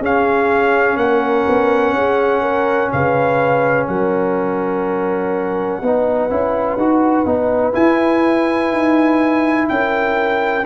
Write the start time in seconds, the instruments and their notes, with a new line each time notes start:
0.00 tuba C#4, trombone C#4, horn G#4, trumpet F5
0.97 tuba A#3, horn A#4, trumpet F#5
1.49 tuba B3
1.94 tuba C#4, horn G#4
2.41 horn A#4
2.93 tuba C#3, horn B4, trumpet F5
3.87 tuba F#3, horn A#4, trumpet F#5
5.82 tuba B3, trombone D#4, horn B4
6.30 tuba C#4, trombone E4
6.77 tuba D#4, trombone F#4
7.26 tuba B3, trombone D#4
7.73 trombone E4, tuba E4, trumpet G#5
8.72 tuba D#4
9.69 tuba C#4, horn A#4, trumpet G5